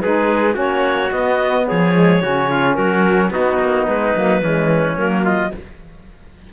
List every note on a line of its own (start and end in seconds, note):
0.00 0.56 G#3
0.00 0.52 D#4
0.00 0.54 G#4
0.00 0.55 B4
0.52 1.11 A#3
0.52 1.07 C#4
0.52 1.64 F#4
0.52 1.11 C#5
1.11 1.66 B3
1.11 1.93 B3
1.11 1.66 D#5
1.67 2.22 F3
1.67 2.22 G#4
1.67 2.74 C#5
1.93 2.21 G#3
2.21 2.77 C#3
2.21 3.31 C#4
2.21 2.49 F#4
2.50 2.77 F4
2.74 3.30 F#3
2.74 3.33 F#4
2.74 3.29 A#4
3.30 3.58 B3
3.30 4.14 B3
3.30 4.43 D#4
3.30 3.85 F#4
3.59 3.87 A#3
3.86 4.15 G#3
3.86 4.97 B4
4.14 4.41 F#3
4.14 4.42 A#3
4.41 4.96 E3
4.41 4.95 G#3
4.41 5.25 C#4
4.95 5.51 F#3
4.95 5.50 A#3
4.95 5.25 A#4
5.25 5.52 F4
5.25 5.52 D#5